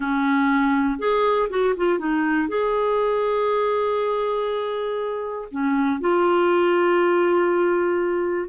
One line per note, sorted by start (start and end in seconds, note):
0.00 0.99 C#4
0.99 1.49 G#4
1.49 1.74 F#4
1.77 1.98 F4
1.98 2.48 D#4
2.48 5.48 G#4
5.51 6.00 C#4
6.00 8.49 F4